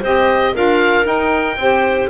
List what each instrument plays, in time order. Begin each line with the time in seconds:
0.00 double bass C4, saxophone G4, clarinet C5, oboe D#5
0.54 double bass D4, saxophone F4, clarinet A#4, oboe F5
1.04 saxophone D#4, double bass D#4, oboe G5
1.57 double bass C4, saxophone G4, clarinet C5